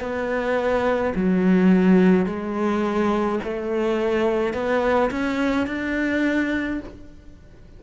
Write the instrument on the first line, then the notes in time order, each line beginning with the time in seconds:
cello
0.00 B3
1.15 F#3
2.26 G#3
3.44 A3
4.54 B3
5.11 C#4
5.67 D4